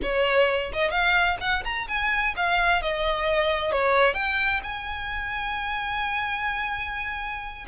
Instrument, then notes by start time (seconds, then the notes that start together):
violin
0.02 C#5
0.73 D#5
0.90 F5
1.40 F#5
1.64 A#5
1.88 G#5
2.36 F5
2.82 D#5
3.71 C#5
4.14 G5
4.63 G#5